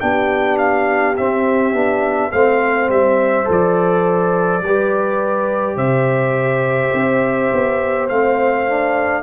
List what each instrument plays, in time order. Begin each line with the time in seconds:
0.00 tuba B3, trombone D4, horn G4, trumpet G5
0.59 trumpet F5
1.17 trombone C4, tuba C4, trumpet E5
1.74 tuba B3, trombone D4
2.32 tuba A3, trombone C4, horn C5, trumpet F5
2.89 tuba G3, trumpet E5
3.45 tuba F3, trombone A4
3.52 trumpet D5
4.61 tuba G3, trombone G4, horn B4
5.77 tuba C3, horn C5, trumpet E5
6.94 tuba C4
7.53 tuba B3
8.09 tuba A3, trombone C4, trumpet F5
8.69 trombone D4